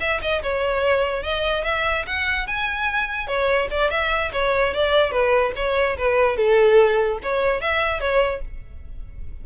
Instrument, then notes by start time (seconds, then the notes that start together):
violin
0.00 E5
0.21 D#5
0.42 C#5
1.23 D#5
1.64 E5
2.06 F#5
2.47 G#5
3.27 C#5
3.71 D5
3.90 E5
4.32 C#5
4.74 D5
5.11 B4
5.56 C#5
5.97 B4
6.36 A4
7.22 C#5
7.61 E5
8.00 C#5